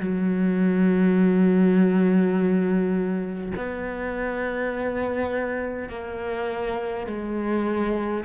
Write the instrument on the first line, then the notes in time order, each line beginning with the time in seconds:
cello
0.00 F#3
3.57 B3
5.89 A#3
7.07 G#3